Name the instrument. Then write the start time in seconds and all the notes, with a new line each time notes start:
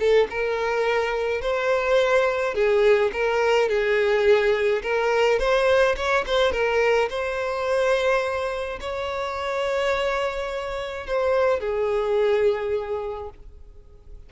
violin
0.00 A4
0.31 A#4
1.42 C5
2.55 G#4
3.13 A#4
3.69 G#4
4.83 A#4
5.40 C5
5.97 C#5
6.27 C5
6.52 A#4
7.10 C5
8.81 C#5
11.07 C5
11.60 G#4